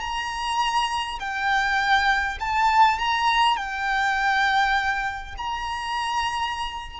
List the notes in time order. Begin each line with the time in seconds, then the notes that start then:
0.00 A#5
1.19 G5
2.40 A5
2.99 A#5
3.56 G5
5.37 A#5